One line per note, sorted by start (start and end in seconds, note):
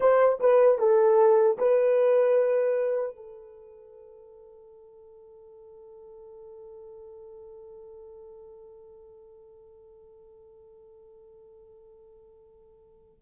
0.00 0.39 C5
0.39 0.78 B4
0.78 1.57 A4
1.58 3.16 B4
3.16 13.22 A4